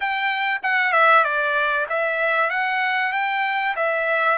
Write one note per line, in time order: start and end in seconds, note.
0.00 0.61 G5
0.62 0.92 F#5
0.92 1.23 E5
1.24 1.86 D5
1.89 2.50 E5
2.50 3.12 F#5
3.12 3.75 G5
3.76 4.38 E5